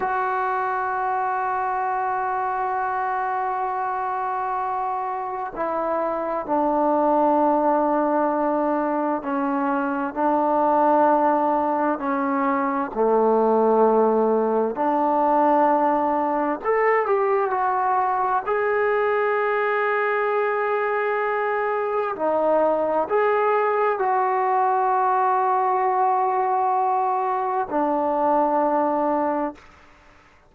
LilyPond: \new Staff \with { instrumentName = "trombone" } { \time 4/4 \tempo 4 = 65 fis'1~ | fis'2 e'4 d'4~ | d'2 cis'4 d'4~ | d'4 cis'4 a2 |
d'2 a'8 g'8 fis'4 | gis'1 | dis'4 gis'4 fis'2~ | fis'2 d'2 | }